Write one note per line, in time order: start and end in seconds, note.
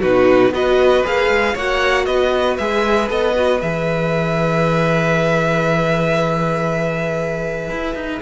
0.00 0.51 B2
0.00 0.53 D#4
0.00 0.51 F#4
0.00 0.54 B4
0.51 1.02 B3
0.51 1.04 F#4
0.51 1.54 B4
0.51 1.06 D#5
1.04 1.29 A#3
1.04 1.55 G#4
1.04 1.58 F5
1.29 1.55 G#3
1.54 2.07 A#3
1.54 2.60 F#4
1.54 2.05 C#5
1.54 2.06 F#5
2.06 2.59 B3
2.06 8.22 B4
2.06 2.57 D#5
2.58 3.10 G#3
2.58 3.09 G#4
2.58 3.09 E5
3.09 3.62 B3
3.09 3.35 A4
3.09 3.61 D#5
3.35 3.61 F#4
3.61 7.70 E3
3.61 8.22 G#4
3.61 8.22 E5
7.70 7.95 E4
7.95 8.21 D#4